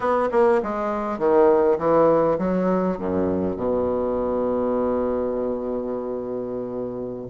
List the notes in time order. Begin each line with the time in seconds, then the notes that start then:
0.00 B3
0.31 A#3
0.62 G#3
1.18 D#3
1.78 E3
2.38 F#3
2.97 F#2
3.56 B2